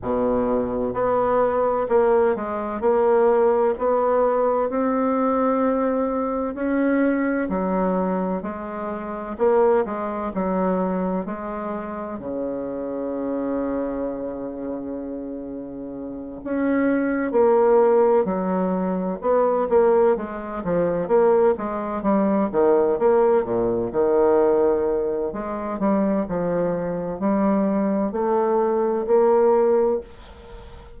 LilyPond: \new Staff \with { instrumentName = "bassoon" } { \time 4/4 \tempo 4 = 64 b,4 b4 ais8 gis8 ais4 | b4 c'2 cis'4 | fis4 gis4 ais8 gis8 fis4 | gis4 cis2.~ |
cis4. cis'4 ais4 fis8~ | fis8 b8 ais8 gis8 f8 ais8 gis8 g8 | dis8 ais8 ais,8 dis4. gis8 g8 | f4 g4 a4 ais4 | }